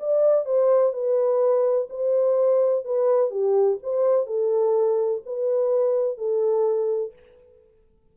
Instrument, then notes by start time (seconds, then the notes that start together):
horn
0.00 D5
0.46 C5
0.93 B4
1.90 C5
2.85 B4
3.31 G4
3.83 C5
4.27 A4
5.26 B4
6.18 A4